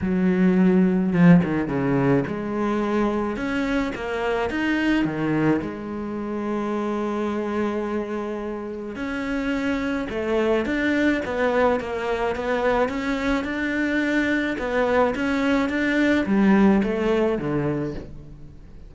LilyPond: \new Staff \with { instrumentName = "cello" } { \time 4/4 \tempo 4 = 107 fis2 f8 dis8 cis4 | gis2 cis'4 ais4 | dis'4 dis4 gis2~ | gis1 |
cis'2 a4 d'4 | b4 ais4 b4 cis'4 | d'2 b4 cis'4 | d'4 g4 a4 d4 | }